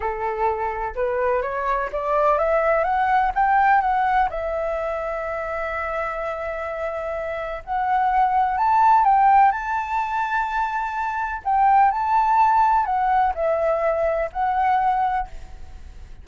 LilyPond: \new Staff \with { instrumentName = "flute" } { \time 4/4 \tempo 4 = 126 a'2 b'4 cis''4 | d''4 e''4 fis''4 g''4 | fis''4 e''2.~ | e''1 |
fis''2 a''4 g''4 | a''1 | g''4 a''2 fis''4 | e''2 fis''2 | }